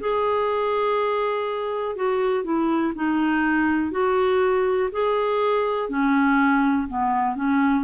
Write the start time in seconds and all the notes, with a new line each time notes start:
0.00 G#4
1.95 F#4
2.44 E4
2.95 D#4
3.91 F#4
4.92 G#4
5.89 C#4
6.88 B3
7.35 C#4